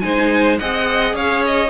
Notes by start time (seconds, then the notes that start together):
0.00 G#3 D#4 C5 G#5
0.59 C4 G#4 D#5 F#5
1.13 C#4 C#5 F5
1.45 D#5